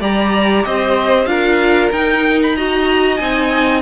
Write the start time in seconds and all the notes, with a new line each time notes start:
0.00 G3 G4 D5 A#5
0.64 C4 C5 D#5
1.26 D4 F4 A#4 F5
1.92 D#4 G5
2.42 B5
2.56 F#4 D#5 A#5
3.16 C4 D#4 G#5